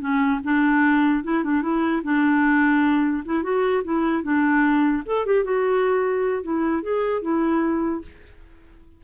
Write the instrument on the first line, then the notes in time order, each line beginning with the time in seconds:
clarinet
0.00 C#4
0.44 D4
1.23 E4
1.43 D4
1.62 E4
2.03 D4
3.25 E4
3.43 F#4
3.84 E4
4.23 D4
5.05 A4
5.25 G4
5.44 F#4
6.43 E4
6.82 G#4
7.22 E4